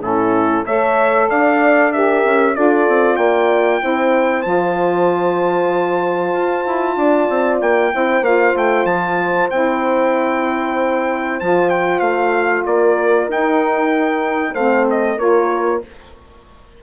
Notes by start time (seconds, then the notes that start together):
0.00 A2 C#4 E4 A4
0.65 A3 A4 C#5 E5
1.29 D4 D5 F5
1.92 G4 A#4 E5
2.25 C#4
2.54 D4 F4 A4 D5
2.88 C4
3.16 A#3 D5 G5
3.80 C4 E4 C5
4.42 F3 F4 A5
6.33 F4
6.66 E4
6.96 D4 D5
7.29 C4
7.61 A#3 G5
7.91 C4 E4 C5
8.21 A#3 F4 F5
8.55 A3 G5
8.85 F3 A5
9.50 C4 E4 G5
11.40 F3 F4 A5
11.69 G5
11.99 A3 F5
12.65 A#3 A#4 D5
13.27 D#4 G5
14.53 A3 C4 C5 F5
14.90 D#5
15.16 A#3 F4 A#4 C#5